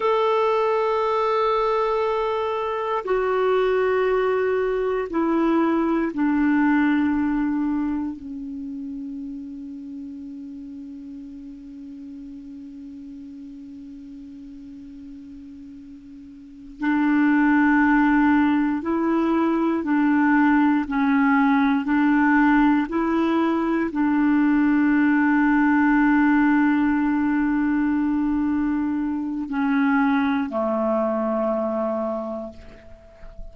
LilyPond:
\new Staff \with { instrumentName = "clarinet" } { \time 4/4 \tempo 4 = 59 a'2. fis'4~ | fis'4 e'4 d'2 | cis'1~ | cis'1~ |
cis'8 d'2 e'4 d'8~ | d'8 cis'4 d'4 e'4 d'8~ | d'1~ | d'4 cis'4 a2 | }